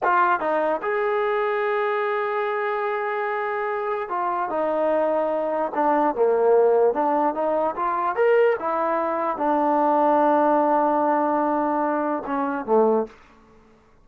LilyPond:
\new Staff \with { instrumentName = "trombone" } { \time 4/4 \tempo 4 = 147 f'4 dis'4 gis'2~ | gis'1~ | gis'2 f'4 dis'4~ | dis'2 d'4 ais4~ |
ais4 d'4 dis'4 f'4 | ais'4 e'2 d'4~ | d'1~ | d'2 cis'4 a4 | }